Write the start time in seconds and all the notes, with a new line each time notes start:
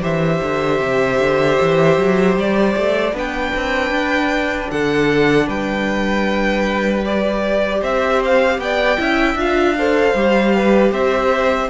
0.00 E3 G4 C5 E5
0.42 D3
0.81 C3
1.19 D3
1.62 E3
1.98 F#3
2.37 G3 D5
2.77 A3
3.12 B3 D4 B4 G5
3.56 C4
3.90 D4
4.71 D3 A4 F#5
5.47 G3 B4 G5
7.04 G4 D5
7.81 C4 C5 E5
8.25 F5
8.58 B3 D5 G5
8.98 C#4 E4 E5
9.34 D4 F4 F5
9.78 A4 C5
10.14 G3 G4
10.56 B4
10.92 C4 C5 E5